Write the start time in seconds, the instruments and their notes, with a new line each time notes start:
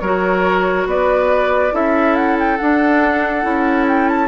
0.00 bassoon F#3, clarinet F#4, oboe A#4, flute C#5
0.86 bassoon B3, oboe B4, flute D5
1.71 bassoon C#4, clarinet E4, oboe A4, flute E5
2.15 flute F#5
2.39 flute G5
2.57 clarinet D4, bassoon D4, flute F#5
3.42 bassoon C#4, clarinet E4
3.87 flute G5
4.09 flute A5